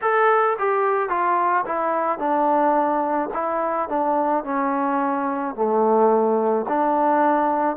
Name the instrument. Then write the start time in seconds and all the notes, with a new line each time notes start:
trombone
0.01 A4
0.58 G4
1.09 F4
1.65 E4
2.18 D4
3.33 E4
3.88 D4
4.44 C#4
5.55 A3
6.68 D4